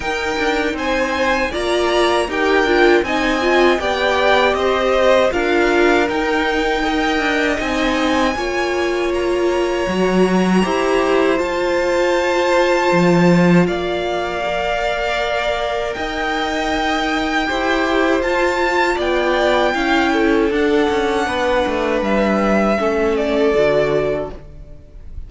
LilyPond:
<<
  \new Staff \with { instrumentName = "violin" } { \time 4/4 \tempo 4 = 79 g''4 gis''4 ais''4 g''4 | gis''4 g''4 dis''4 f''4 | g''2 gis''2 | ais''2. a''4~ |
a''2 f''2~ | f''4 g''2. | a''4 g''2 fis''4~ | fis''4 e''4. d''4. | }
  \new Staff \with { instrumentName = "violin" } { \time 4/4 ais'4 c''4 d''4 ais'4 | dis''4 d''4 c''4 ais'4~ | ais'4 dis''2 cis''4~ | cis''2 c''2~ |
c''2 d''2~ | d''4 dis''2 c''4~ | c''4 d''4 f''8 a'4. | b'2 a'2 | }
  \new Staff \with { instrumentName = "viola" } { \time 4/4 dis'2 f'4 g'8 f'8 | dis'8 f'8 g'2 f'4 | dis'4 ais'4 dis'4 f'4~ | f'4 fis'4 g'4 f'4~ |
f'2. ais'4~ | ais'2. g'4 | f'2 e'4 d'4~ | d'2 cis'4 fis'4 | }
  \new Staff \with { instrumentName = "cello" } { \time 4/4 dis'8 d'8 c'4 ais4 dis'8 d'8 | c'4 b4 c'4 d'4 | dis'4. d'8 c'4 ais4~ | ais4 fis4 e'4 f'4~ |
f'4 f4 ais2~ | ais4 dis'2 e'4 | f'4 b4 cis'4 d'8 cis'8 | b8 a8 g4 a4 d4 | }
>>